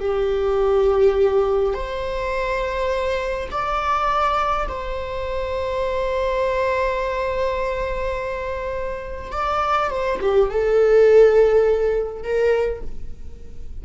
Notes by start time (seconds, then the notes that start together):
0.00 G4
1.74 C5
3.51 D5
4.68 C5
9.32 D5
9.91 C5
10.21 G4
10.50 A4
12.23 A#4